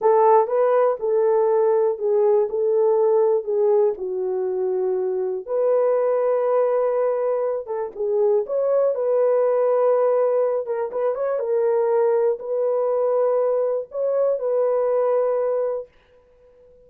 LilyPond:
\new Staff \with { instrumentName = "horn" } { \time 4/4 \tempo 4 = 121 a'4 b'4 a'2 | gis'4 a'2 gis'4 | fis'2. b'4~ | b'2.~ b'8 a'8 |
gis'4 cis''4 b'2~ | b'4. ais'8 b'8 cis''8 ais'4~ | ais'4 b'2. | cis''4 b'2. | }